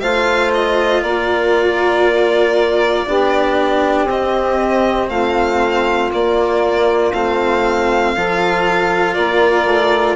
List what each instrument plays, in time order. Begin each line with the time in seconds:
0.00 bassoon A3, cello F4, saxophone C5, violin F5
0.54 violin D#5
1.02 bassoon A#3, saxophone A#4, violin D5
3.06 bassoon B3, cello D4, saxophone G4
4.04 bassoon C4, cello C4, violin D#5
5.09 bassoon A3, saxophone F4, violin F5
6.11 cello A#3, bassoon A#3, violin D5
7.13 bassoon A3, cello C4, violin F5
8.16 bassoon F3, cello F4, saxophone A4
9.14 bassoon A#3, saxophone A#4, violin D5
9.65 bassoon A3